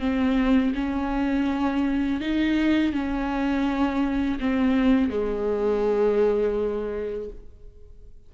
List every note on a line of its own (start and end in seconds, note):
0.00 0.73 C4
0.75 2.21 C#4
2.21 2.93 D#4
2.93 4.39 C#4
4.40 5.10 C4
5.10 7.30 G#3